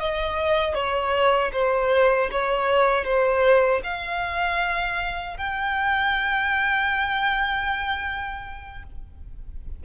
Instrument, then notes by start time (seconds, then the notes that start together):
violin
0.00 D#5
0.75 C#5
1.53 C5
2.31 C#5
3.05 C5
3.84 F5
5.37 G5